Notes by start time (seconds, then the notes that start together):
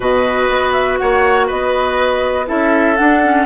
0.00 B2 F#4 B4 D#5
0.49 B3
0.72 E5
0.97 A#3 C#5 F#5
1.46 B3 B4 D#5
2.46 C#4 E4 A4 E5
2.96 D4 F#5
3.23 C#4